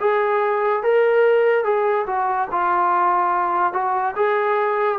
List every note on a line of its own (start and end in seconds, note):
0.00 0.83 G#4
0.83 1.64 A#4
1.64 2.06 G#4
2.06 2.48 F#4
2.51 3.73 F4
3.73 4.14 F#4
4.16 4.99 G#4